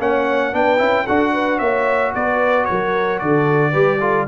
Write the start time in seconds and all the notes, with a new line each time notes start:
0.00 A#3 C#4 C#5 F#5
0.53 B3 D4 B4 G5
0.78 C#4 E4
1.05 D4 F#4 A4 F#5
1.33 B4
1.59 A#3 C#5 E5
2.13 B3 B4 D5
2.65 F#3 A#4 C#5
3.19 D3 A4 D5
3.72 G3 G4 B4
4.00 F4 A4